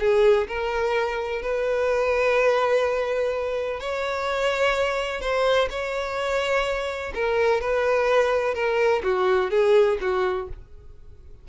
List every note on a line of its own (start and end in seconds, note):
0.00 0.48 G#4
0.48 1.42 A#4
1.42 3.81 B4
3.81 5.21 C#5
5.21 5.69 C5
5.71 7.13 C#5
7.15 7.61 A#4
7.61 8.55 B4
8.55 9.03 A#4
9.04 9.51 F#4
9.51 9.98 G#4
10.01 10.49 F#4